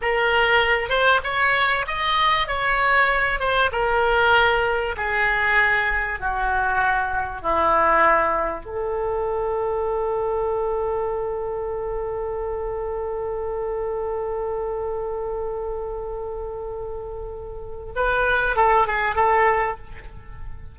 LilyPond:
\new Staff \with { instrumentName = "oboe" } { \time 4/4 \tempo 4 = 97 ais'4. c''8 cis''4 dis''4 | cis''4. c''8 ais'2 | gis'2 fis'2 | e'2 a'2~ |
a'1~ | a'1~ | a'1~ | a'4 b'4 a'8 gis'8 a'4 | }